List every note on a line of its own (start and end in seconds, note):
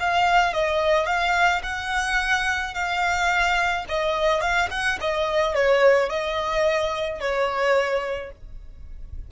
0.00 0.54 F5
0.54 1.07 D#5
1.07 1.62 F5
1.64 2.74 F#5
2.74 3.85 F5
3.89 4.41 D#5
4.41 4.69 F5
4.71 4.99 F#5
5.01 5.55 D#5
5.55 6.10 C#5
6.10 7.21 D#5
7.21 8.32 C#5